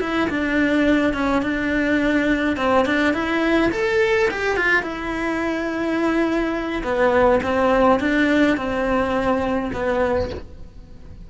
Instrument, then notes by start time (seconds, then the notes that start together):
cello
0.00 E4
0.29 D4
1.13 C#4
1.42 D4
2.57 C4
2.85 D4
3.14 E4
3.72 A4
4.30 G4
4.56 F4
4.82 E4
6.83 B3
7.43 C4
7.99 D4
8.57 C4
9.73 B3